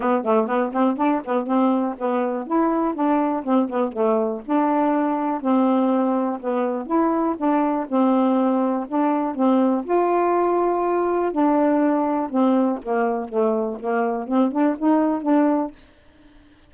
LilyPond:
\new Staff \with { instrumentName = "saxophone" } { \time 4/4 \tempo 4 = 122 b8 a8 b8 c'8 d'8 b8 c'4 | b4 e'4 d'4 c'8 b8 | a4 d'2 c'4~ | c'4 b4 e'4 d'4 |
c'2 d'4 c'4 | f'2. d'4~ | d'4 c'4 ais4 a4 | ais4 c'8 d'8 dis'4 d'4 | }